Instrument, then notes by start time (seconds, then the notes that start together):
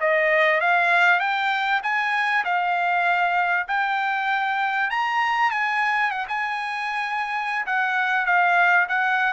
trumpet
0.00 D#5
0.60 F5
1.19 G5
1.83 G#5
2.44 F5
3.67 G5
4.90 A#5
5.51 G#5
6.11 F#5
6.28 G#5
7.66 F#5
8.25 F5
8.88 F#5